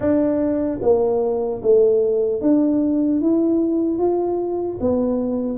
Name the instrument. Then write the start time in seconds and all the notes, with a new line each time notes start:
tuba
0.00 D4
0.81 A#3
1.62 A3
2.41 D4
3.20 E4
3.98 F4
4.80 B3